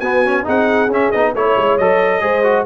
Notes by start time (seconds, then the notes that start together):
0.00 B3 F#4 G#5
0.26 C#4
0.45 C4 D#4 G#4 F#5
0.88 C#4 E5
1.12 B3 D#4 D#5
1.35 A3 E4 C#5
1.57 G#3
1.78 F#3 A4 D#5
2.21 G#3 G#4 C5
2.44 F#4